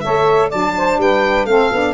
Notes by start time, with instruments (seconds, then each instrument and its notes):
0.00 tuba A3, saxophone A4 C#5, violin E5
0.49 tuba F#3, saxophone D4 D5, violin A5
0.76 saxophone C5
0.97 tuba G3, saxophone B4, violin G5
1.45 tuba A3, saxophone C4 A4, violin F5
1.72 tuba B3, saxophone D4